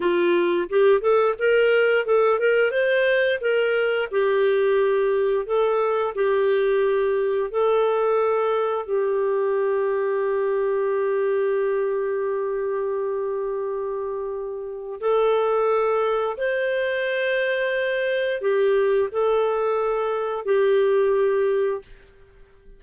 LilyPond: \new Staff \with { instrumentName = "clarinet" } { \time 4/4 \tempo 4 = 88 f'4 g'8 a'8 ais'4 a'8 ais'8 | c''4 ais'4 g'2 | a'4 g'2 a'4~ | a'4 g'2.~ |
g'1~ | g'2 a'2 | c''2. g'4 | a'2 g'2 | }